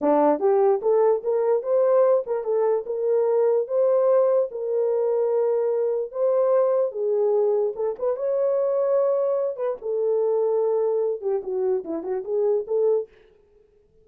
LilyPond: \new Staff \with { instrumentName = "horn" } { \time 4/4 \tempo 4 = 147 d'4 g'4 a'4 ais'4 | c''4. ais'8 a'4 ais'4~ | ais'4 c''2 ais'4~ | ais'2. c''4~ |
c''4 gis'2 a'8 b'8 | cis''2.~ cis''8 b'8 | a'2.~ a'8 g'8 | fis'4 e'8 fis'8 gis'4 a'4 | }